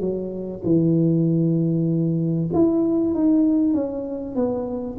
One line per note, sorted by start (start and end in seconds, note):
0.00 0.62 F#3
0.64 2.50 E3
2.53 3.14 E4
3.14 3.74 D#4
3.74 4.35 C#4
4.35 4.97 B3